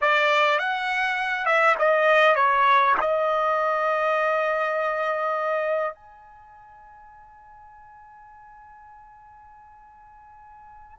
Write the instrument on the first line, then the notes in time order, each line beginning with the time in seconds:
trumpet
0.01 D5
0.59 F#5
1.45 E5
1.78 D#5
2.35 C#5
3.00 D#5
5.94 G#5